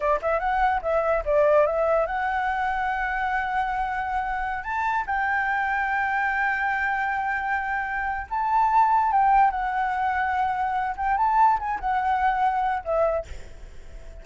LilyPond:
\new Staff \with { instrumentName = "flute" } { \time 4/4 \tempo 4 = 145 d''8 e''8 fis''4 e''4 d''4 | e''4 fis''2.~ | fis''2.~ fis''16 a''8.~ | a''16 g''2.~ g''8.~ |
g''1 | a''2 g''4 fis''4~ | fis''2~ fis''8 g''8 a''4 | gis''8 fis''2~ fis''8 e''4 | }